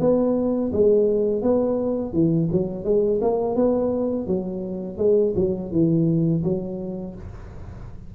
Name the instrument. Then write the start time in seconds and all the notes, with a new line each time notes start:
tuba
0.00 B3
0.73 G#3
1.42 B3
2.13 E3
2.52 F#3
2.84 G#3
3.21 A#3
3.56 B3
4.27 F#3
4.98 G#3
5.36 F#3
5.72 E3
6.44 F#3